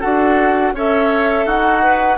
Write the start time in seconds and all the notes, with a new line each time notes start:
0.00 D4 F#4 A4 F#5
0.72 C#4 A4 C#5 E5
1.46 D#4 F#4 F#5
1.83 B4